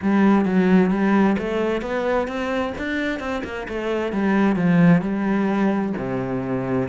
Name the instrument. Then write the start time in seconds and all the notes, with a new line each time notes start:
cello
0.01 G3
0.45 F#3
0.90 G3
1.38 A3
1.81 B3
2.27 C4
2.78 D4
3.19 C4
3.44 A#3
3.68 A3
4.12 G3
4.56 F3
5.01 G3
5.97 C3